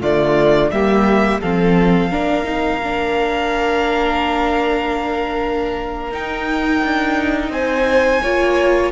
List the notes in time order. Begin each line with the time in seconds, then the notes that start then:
0.00 D3 A3 F4 D5
0.71 G3 A#3 G4 E5
1.41 F3 C4 A4 F5
2.10 A#3 D4 A#4
2.44 D#4
2.83 D4
6.11 D#4 G5
6.84 D4
7.49 C4 C5 G#5
8.23 A#3 F4 C#5